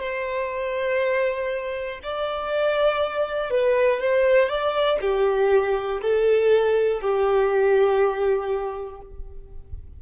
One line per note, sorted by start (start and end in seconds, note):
0.00 2.00 C5
2.03 3.50 D5
3.50 4.00 B4
4.00 4.49 C5
4.49 4.99 D5
5.01 6.01 G4
6.01 7.01 A4
7.01 9.01 G4